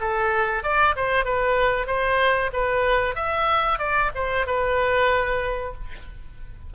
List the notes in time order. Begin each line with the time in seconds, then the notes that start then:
0.00 A4
0.63 D5
0.96 C5
1.25 B4
1.87 C5
2.52 B4
3.15 E5
3.79 D5
4.15 C5
4.46 B4